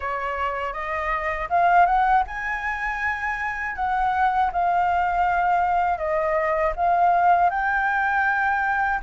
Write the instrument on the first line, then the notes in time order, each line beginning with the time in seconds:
flute
0.00 C#5
0.73 D#5
1.49 F5
1.85 F#5
2.27 G#5
3.75 F#5
4.52 F5
5.98 D#5
6.76 F5
7.50 G5